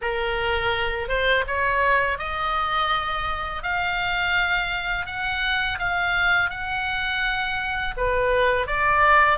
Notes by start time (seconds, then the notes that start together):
0.01 A#4
1.08 C5
1.47 C#5
2.18 D#5
3.62 F5
5.06 F#5
5.78 F5
6.50 F#5
7.96 B4
8.66 D5